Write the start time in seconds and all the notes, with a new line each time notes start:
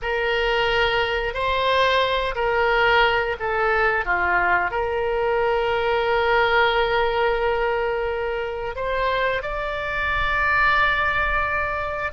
0.02 A#4
1.33 C5
2.35 A#4
3.39 A4
4.05 F4
4.70 A#4
8.75 C5
9.42 D5